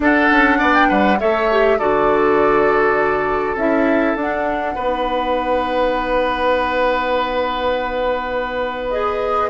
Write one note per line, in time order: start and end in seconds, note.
0.00 0.29 D4
0.00 1.17 D4
0.00 0.58 A4
0.00 0.74 F#5
0.31 0.61 C#4
0.58 0.90 B3
0.58 0.88 D5
0.74 0.89 G5
0.88 1.20 G3
0.88 1.18 B4
0.88 1.19 F#5
1.19 1.79 A3
1.19 1.49 A4
1.19 1.78 C#5
1.19 1.78 E5
1.51 1.79 G4
1.78 3.55 D3
1.78 3.57 F#4
1.78 4.74 A4
1.78 3.57 D5
3.55 4.14 C#4
3.55 4.17 E4
3.55 4.15 E5
4.15 4.75 D4
4.15 4.76 D4
4.15 8.90 F#5
4.74 9.50 B3
4.74 8.92 D#4
4.74 9.50 B4
8.90 9.50 G#4
8.90 9.50 D#5